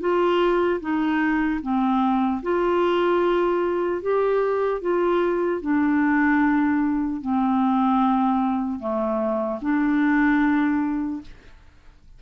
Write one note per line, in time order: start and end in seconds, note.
0.00 0.80 F4
0.80 1.60 D#4
1.61 2.41 C4
2.42 4.01 F4
4.01 4.81 G4
4.81 5.61 F4
5.61 7.21 D4
7.21 8.79 C4
8.79 9.59 A3
9.61 11.21 D4